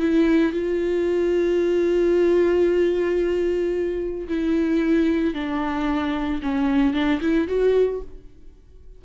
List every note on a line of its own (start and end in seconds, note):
0.00 0.53 E4
0.53 4.28 F4
4.28 5.34 E4
5.34 6.41 D4
6.43 6.94 C#4
6.94 7.20 D4
7.22 7.48 E4
7.48 8.01 F#4